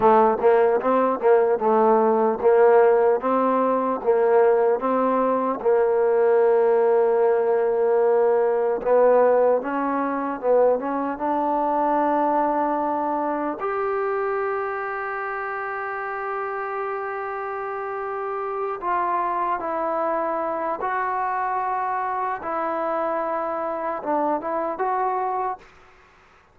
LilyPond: \new Staff \with { instrumentName = "trombone" } { \time 4/4 \tempo 4 = 75 a8 ais8 c'8 ais8 a4 ais4 | c'4 ais4 c'4 ais4~ | ais2. b4 | cis'4 b8 cis'8 d'2~ |
d'4 g'2.~ | g'2.~ g'8 f'8~ | f'8 e'4. fis'2 | e'2 d'8 e'8 fis'4 | }